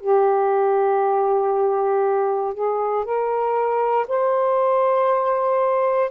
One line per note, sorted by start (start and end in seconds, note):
0.00 2.54 G4
2.54 3.04 G#4
3.04 4.06 A#4
4.07 6.10 C5